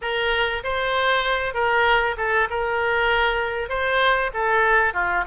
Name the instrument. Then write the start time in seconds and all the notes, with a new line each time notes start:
oboe
0.01 A#4
0.63 C5
1.54 A#4
2.17 A4
2.50 A#4
3.69 C5
4.33 A4
4.93 F4